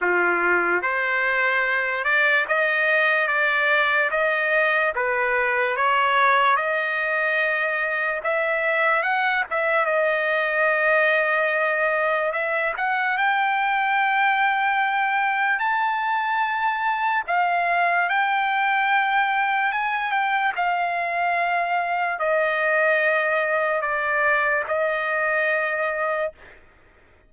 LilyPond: \new Staff \with { instrumentName = "trumpet" } { \time 4/4 \tempo 4 = 73 f'4 c''4. d''8 dis''4 | d''4 dis''4 b'4 cis''4 | dis''2 e''4 fis''8 e''8 | dis''2. e''8 fis''8 |
g''2. a''4~ | a''4 f''4 g''2 | gis''8 g''8 f''2 dis''4~ | dis''4 d''4 dis''2 | }